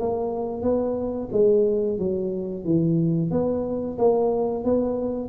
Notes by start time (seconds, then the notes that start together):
0.00 A#3
0.63 B3
1.33 G#3
1.99 F#3
2.65 E3
3.32 B3
3.98 A#3
4.65 B3